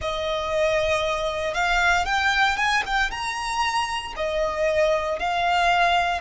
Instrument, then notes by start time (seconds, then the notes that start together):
violin
0.01 D#5
1.53 F5
2.05 G5
2.56 G#5
2.85 G5
3.10 A#5
4.16 D#5
5.19 F5